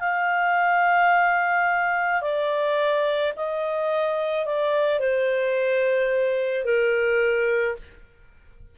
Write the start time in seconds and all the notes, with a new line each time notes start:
0.00 F5
2.22 D5
3.36 D#5
4.45 D5
4.99 C5
6.65 A#4